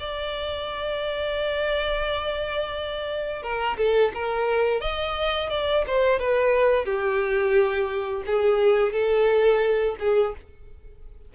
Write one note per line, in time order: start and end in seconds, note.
0.00 3.43 D5
3.43 3.77 A#4
3.77 4.12 A4
4.14 4.81 A#4
4.81 5.50 D#5
5.50 5.84 D5
5.87 6.19 C5
6.19 6.85 B4
6.85 8.23 G4
8.26 8.92 G#4
8.92 9.96 A4
9.99 10.34 G#4